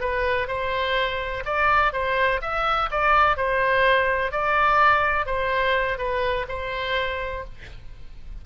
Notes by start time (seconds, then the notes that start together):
0.00 B4
0.47 C5
1.45 D5
1.92 C5
2.42 E5
2.91 D5
3.36 C5
4.31 D5
5.26 C5
5.98 B4
6.48 C5